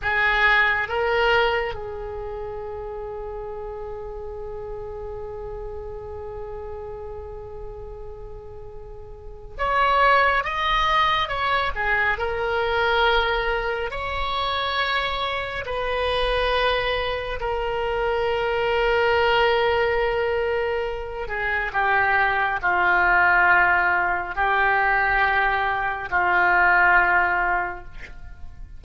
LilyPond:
\new Staff \with { instrumentName = "oboe" } { \time 4/4 \tempo 4 = 69 gis'4 ais'4 gis'2~ | gis'1~ | gis'2. cis''4 | dis''4 cis''8 gis'8 ais'2 |
cis''2 b'2 | ais'1~ | ais'8 gis'8 g'4 f'2 | g'2 f'2 | }